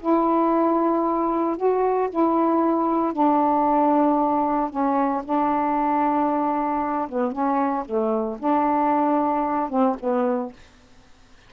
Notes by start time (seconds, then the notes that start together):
0.00 E4
1.57 F#4
2.10 E4
3.13 D4
4.70 C#4
5.24 D4
7.09 B3
7.32 C#4
7.85 A3
8.39 D4
9.70 C4
10.00 B3